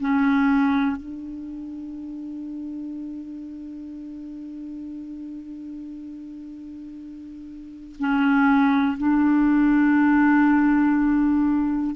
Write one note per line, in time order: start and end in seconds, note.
0.00 0.97 C#4
0.97 7.97 D4
7.99 8.98 C#4
8.98 11.96 D4